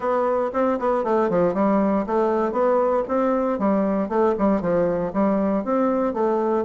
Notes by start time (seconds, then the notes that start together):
0.00 B3
0.53 C4
0.79 B3
1.03 A3
1.29 F3
1.54 G3
2.06 A3
2.52 B3
3.08 C4
3.59 G3
4.09 A3
4.38 G3
4.61 F3
5.13 G3
5.64 C4
6.13 A3